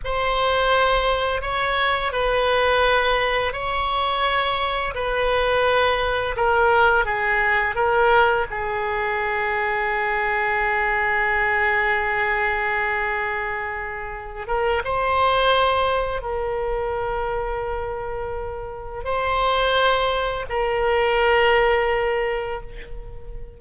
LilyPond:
\new Staff \with { instrumentName = "oboe" } { \time 4/4 \tempo 4 = 85 c''2 cis''4 b'4~ | b'4 cis''2 b'4~ | b'4 ais'4 gis'4 ais'4 | gis'1~ |
gis'1~ | gis'8 ais'8 c''2 ais'4~ | ais'2. c''4~ | c''4 ais'2. | }